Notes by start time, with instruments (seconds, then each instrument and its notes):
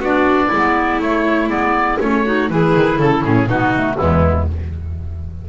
0.00 double bass B3, clarinet D4, violin F#4, oboe D5
0.48 double bass G#3, violin E4
0.55 clarinet B3
1.00 double bass A3, clarinet A3, oboe C#5
1.49 double bass G#3, clarinet B3, oboe D5
2.00 double bass A3, clarinet C#4, oboe C#5
2.26 clarinet D#4, violin F#4
2.50 double bass E3, clarinet E4, violin G#4, oboe B4
2.75 double bass D#3
2.99 double bass C#3, violin A4, oboe A4
3.24 double bass A2, violin C#4, oboe G#4
3.48 double bass B2, clarinet B3, violin D#4, oboe F#4
3.76 clarinet A3
3.97 double bass E2, clarinet G#3, violin B3, oboe E4